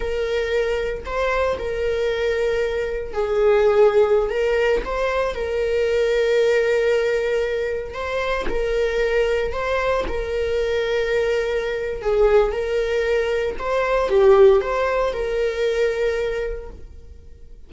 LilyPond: \new Staff \with { instrumentName = "viola" } { \time 4/4 \tempo 4 = 115 ais'2 c''4 ais'4~ | ais'2 gis'2~ | gis'16 ais'4 c''4 ais'4.~ ais'16~ | ais'2.~ ais'16 c''8.~ |
c''16 ais'2 c''4 ais'8.~ | ais'2. gis'4 | ais'2 c''4 g'4 | c''4 ais'2. | }